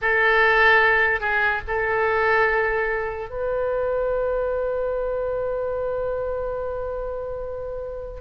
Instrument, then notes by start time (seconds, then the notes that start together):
oboe
0.01 A4
1.20 G#4
1.67 A4
3.29 B4